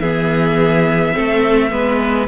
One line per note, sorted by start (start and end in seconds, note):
0.00 1.13 E3
0.00 1.14 B3
0.00 1.15 G#4
0.00 2.27 E5
1.14 1.72 A3
1.14 1.70 C4
1.14 1.72 A4
1.71 2.28 G#3
1.71 2.28 B3
1.71 2.28 B4